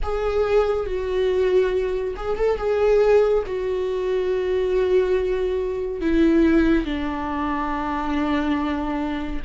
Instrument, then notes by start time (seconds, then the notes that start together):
viola
0.02 G#4
0.86 F#4
2.16 G#4
2.37 A4
2.57 G#4
3.46 F#4
6.01 E4
6.85 D4